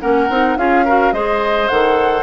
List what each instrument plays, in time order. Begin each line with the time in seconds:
0.00 bassoon A#3, clarinet C#4, oboe A#4, flute F#5
0.29 bassoon C4, clarinet D#4
0.56 bassoon C#4, clarinet F4, oboe G#4, flute F5
0.85 clarinet F#4, oboe A#4
1.12 bassoon G#3, clarinet G#4, oboe C5, flute D#5
1.68 bassoon D#3, clarinet A4, flute F#5